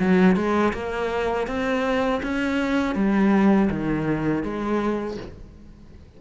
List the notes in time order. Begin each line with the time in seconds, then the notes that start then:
0.00 F#3
0.36 G#3
0.73 A#3
1.48 C4
2.23 C#4
2.95 G3
3.71 D#3
4.43 G#3